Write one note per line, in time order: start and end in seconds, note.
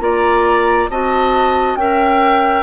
0.00 0.88 A#3
0.00 0.89 F4
0.00 0.90 D5
0.00 0.88 A#5
0.90 1.76 C4
0.90 1.78 F#4
0.90 1.78 D#5
0.90 1.76 A5
1.76 2.63 C#4
1.76 2.63 A#4
1.76 2.63 E5
1.76 2.63 G5